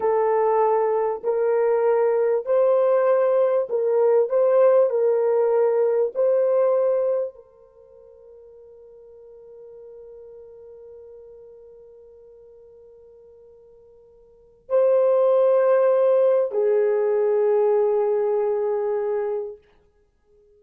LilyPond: \new Staff \with { instrumentName = "horn" } { \time 4/4 \tempo 4 = 98 a'2 ais'2 | c''2 ais'4 c''4 | ais'2 c''2 | ais'1~ |
ais'1~ | ais'1 | c''2. gis'4~ | gis'1 | }